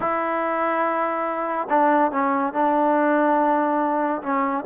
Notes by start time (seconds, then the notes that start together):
0.00 E4
1.69 D4
2.11 C#4
2.53 D4
4.22 C#4